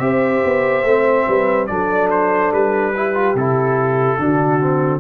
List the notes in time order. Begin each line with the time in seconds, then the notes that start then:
0.00 C4 G4 C5 E5
0.45 B3
0.84 A3 C4
1.28 G3 B4
1.67 F#3 D4 A4 D5
2.11 C5
2.52 G3 B4
2.95 E4 G4
3.15 F4
3.35 C3 E4 A4
4.19 D3 D4 F#4
4.61 C4